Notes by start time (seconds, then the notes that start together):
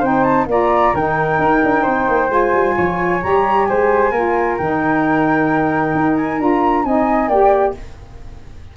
0.00 C4 D#4 C5 G5
0.23 A5
0.46 A#3 F4 D5 A#5
0.94 D#3 D#4 A#4 G5
1.38 D#4
1.63 D4
1.83 C4 C5
2.08 A#3
2.29 G#3 F4 G#5
2.53 G3
2.77 F3 C#5
3.21 G3 G4 A#5
3.65 G#3 C5 G#5
4.11 A#3 F4 A#4
4.57 D#3 D#4 G5
5.95 D#4
6.16 G#5
6.39 D4 F4 A#5
6.84 C4 D#4 D#5 G#5
7.28 A#3 G4 D5 G5